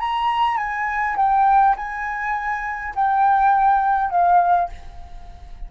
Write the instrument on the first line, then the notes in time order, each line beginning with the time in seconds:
flute
0.00 A#5
0.57 G#5
1.17 G5
1.76 G#5
2.95 G5
4.10 F5